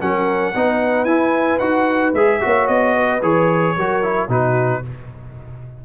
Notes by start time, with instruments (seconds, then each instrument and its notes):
0.00 tuba F#3, trombone C#4, horn A#4, trumpet F#5
0.54 tuba B3, trombone D#4, horn B4
1.05 tuba E4, trombone E4, trumpet G#5
1.58 tuba D#4, trombone F#4, trumpet F#5
2.14 tuba G#3, trombone G#4, trumpet E5
2.40 tuba A#3, trombone F#4, horn C#5
2.67 tuba B3, trumpet D#5
2.95 horn B4
3.22 tuba E3, trombone G#4, trumpet C#5
3.76 tuba F#3, trombone F#4, horn A#4
4.02 trombone E4
4.28 tuba B2, trombone D#4, horn F#4, trumpet B4